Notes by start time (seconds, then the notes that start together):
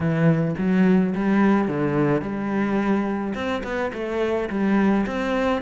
0.00 E3
0.58 F#3
1.15 G3
1.68 D3
2.21 G3
3.34 C4
3.63 B3
3.93 A3
4.49 G3
5.06 C4